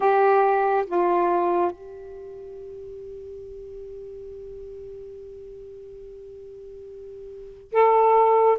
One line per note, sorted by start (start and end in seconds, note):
0.00 0.85 G4
0.86 1.71 F4
1.71 7.71 G4
7.72 8.58 A4